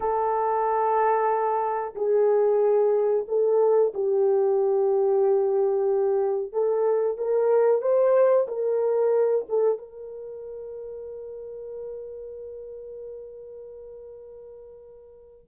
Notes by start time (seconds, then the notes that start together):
0.00 A4
1.95 G#4
3.28 A4
3.94 G4
6.52 A4
7.17 A#4
7.81 C5
8.47 A#4
9.49 A4
9.77 A#4